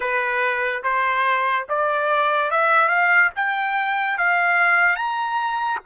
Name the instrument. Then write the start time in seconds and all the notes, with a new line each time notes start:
trumpet
0.00 B4
0.83 C5
1.69 D5
2.50 E5
2.88 F5
3.35 G5
4.17 F5
4.95 A#5